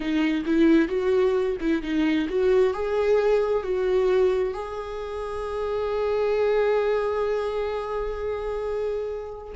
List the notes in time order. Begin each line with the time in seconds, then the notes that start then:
0.00 D#4
0.45 E4
0.88 F#4
1.60 E4
1.82 D#4
2.28 F#4
2.73 G#4
3.63 F#4
4.53 G#4